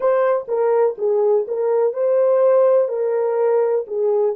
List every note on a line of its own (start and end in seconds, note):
0.00 0.46 C5
0.48 0.96 A#4
0.98 1.46 G#4
1.47 1.93 A#4
1.93 2.88 C5
2.88 3.85 A#4
3.87 4.35 G#4